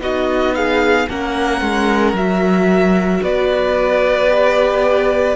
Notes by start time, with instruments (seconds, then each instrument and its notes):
0.00 cello B3, viola D#4, violin F#4 D#5
0.55 violin G#4 F5
1.09 cello A#3, viola C#4, violin A#4 F#5
1.61 cello G#3
2.14 cello F#3, viola F#4, violin E5
3.23 cello B3, violin B4 D5
4.30 viola G4